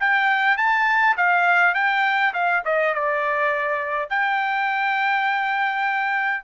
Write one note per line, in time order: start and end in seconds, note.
0.00 0.57 G5
0.57 1.16 A5
1.17 1.74 F5
1.74 2.33 G5
2.33 2.63 F5
2.65 2.94 D#5
2.94 4.09 D5
4.09 6.44 G5